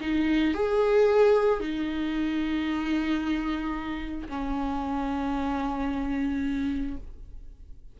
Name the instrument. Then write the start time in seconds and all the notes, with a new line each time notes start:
viola
0.00 D#4
0.54 G#4
1.60 D#4
4.29 C#4